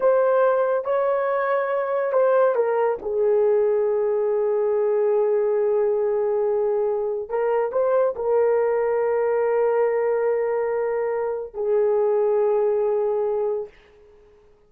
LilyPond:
\new Staff \with { instrumentName = "horn" } { \time 4/4 \tempo 4 = 140 c''2 cis''2~ | cis''4 c''4 ais'4 gis'4~ | gis'1~ | gis'1~ |
gis'4 ais'4 c''4 ais'4~ | ais'1~ | ais'2. gis'4~ | gis'1 | }